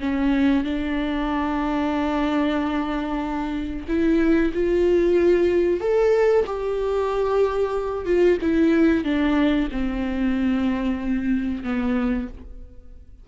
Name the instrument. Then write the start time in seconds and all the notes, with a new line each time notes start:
viola
0.00 C#4
0.64 D4
3.88 E4
4.54 F4
5.81 A4
6.47 G4
8.06 F4
8.42 E4
9.04 D4
9.72 C4
11.64 B3